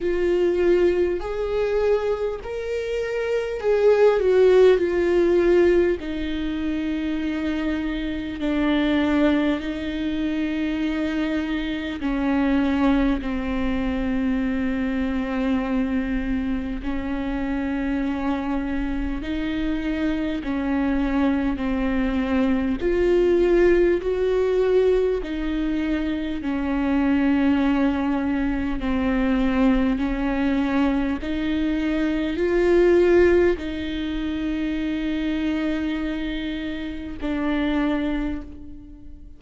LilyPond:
\new Staff \with { instrumentName = "viola" } { \time 4/4 \tempo 4 = 50 f'4 gis'4 ais'4 gis'8 fis'8 | f'4 dis'2 d'4 | dis'2 cis'4 c'4~ | c'2 cis'2 |
dis'4 cis'4 c'4 f'4 | fis'4 dis'4 cis'2 | c'4 cis'4 dis'4 f'4 | dis'2. d'4 | }